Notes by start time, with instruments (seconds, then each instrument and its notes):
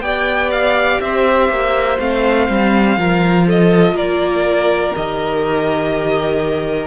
0.00 cello B3, viola G4, violin D5 G5
0.51 violin F5
1.00 cello C4, violin C5 E5
1.49 cello A#3
1.99 cello A3, viola C4, violin F5
2.49 cello G3
2.97 cello F3, viola F4, violin A#4
3.46 violin A4 D#5
3.92 cello A#3, violin A#4 D5
4.96 cello D#3, viola G4, violin D#5